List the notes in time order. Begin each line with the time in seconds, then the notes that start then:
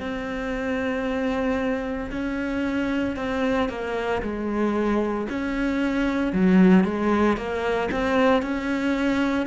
0.00 C4
2.11 C#4
3.16 C4
3.69 A#3
4.22 G#3
5.30 C#4
6.33 F#3
6.84 G#3
7.37 A#3
7.91 C4
8.42 C#4